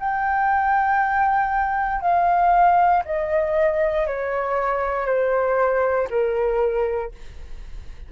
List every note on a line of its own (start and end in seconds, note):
0.00 2.02 G5
2.02 3.03 F5
3.06 4.07 D#5
4.07 5.06 C#5
5.06 6.08 C5
6.10 7.12 A#4